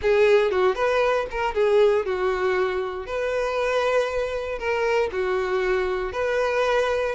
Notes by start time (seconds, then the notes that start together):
0.01 G#4
0.51 F#4
0.75 B4
1.30 A#4
1.54 G#4
2.05 F#4
3.06 B4
4.59 A#4
5.11 F#4
6.12 B4